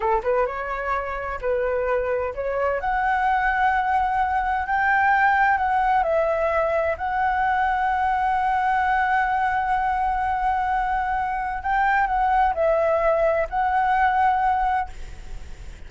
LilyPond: \new Staff \with { instrumentName = "flute" } { \time 4/4 \tempo 4 = 129 a'8 b'8 cis''2 b'4~ | b'4 cis''4 fis''2~ | fis''2 g''2 | fis''4 e''2 fis''4~ |
fis''1~ | fis''1~ | fis''4 g''4 fis''4 e''4~ | e''4 fis''2. | }